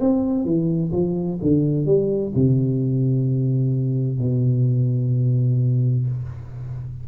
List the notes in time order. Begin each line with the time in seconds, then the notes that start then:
0.00 C4
0.45 E3
0.92 F3
1.41 D3
1.86 G3
2.35 C3
4.19 B2